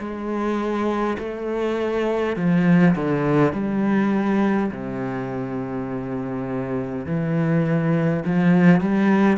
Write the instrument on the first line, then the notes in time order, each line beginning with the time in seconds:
cello
0.00 G#3
1.19 A3
2.37 F3
2.96 D3
3.53 G3
4.72 C3
7.06 E3
8.26 F3
8.81 G3